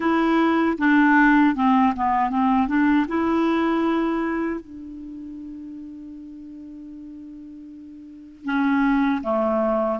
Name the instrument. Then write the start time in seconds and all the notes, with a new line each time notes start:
clarinet
0.00 E4
0.78 D4
1.55 C4
1.95 B3
2.29 C4
2.67 D4
3.08 E4
4.60 D4
8.44 C#4
9.23 A3